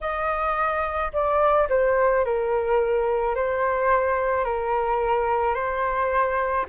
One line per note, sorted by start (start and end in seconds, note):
0.01 1.12 D#5
1.12 1.68 D5
1.69 2.24 C5
2.24 3.35 A#4
3.35 4.44 C5
4.44 5.54 A#4
5.54 6.65 C5